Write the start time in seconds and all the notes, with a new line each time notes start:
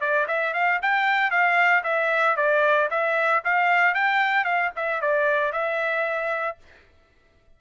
0.00 D5
0.27 E5
0.53 F5
0.82 G5
1.31 F5
1.83 E5
2.36 D5
2.90 E5
3.44 F5
3.94 G5
4.44 F5
4.76 E5
5.01 D5
5.52 E5